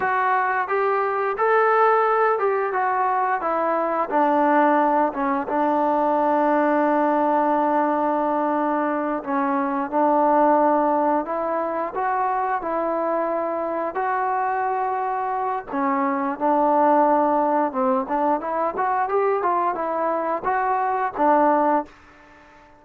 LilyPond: \new Staff \with { instrumentName = "trombone" } { \time 4/4 \tempo 4 = 88 fis'4 g'4 a'4. g'8 | fis'4 e'4 d'4. cis'8 | d'1~ | d'4. cis'4 d'4.~ |
d'8 e'4 fis'4 e'4.~ | e'8 fis'2~ fis'8 cis'4 | d'2 c'8 d'8 e'8 fis'8 | g'8 f'8 e'4 fis'4 d'4 | }